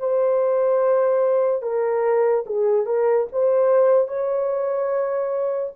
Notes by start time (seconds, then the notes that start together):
0.00 C5
1.63 A#4
2.47 G#4
2.87 A#4
3.33 C5
4.08 C#5